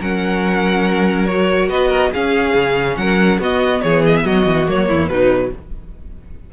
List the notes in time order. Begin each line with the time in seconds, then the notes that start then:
0.00 F#3 C#4 A#4 F#5
1.26 F#4 C#5
1.69 B3 B4 D#5
1.88 A#4
2.12 C#4 G#4 F5
2.54 C#3
2.96 F#3 A#4 F#5
3.38 B3 F#4 D#5
3.81 E3 G#4 C#5
4.06 D#5
4.15 E5
4.25 F#3 F#4 D#5
4.46 E3
4.67 F#3 A#3 C#5
4.89 E2 E4
5.08 B2 F#3 D#4 B4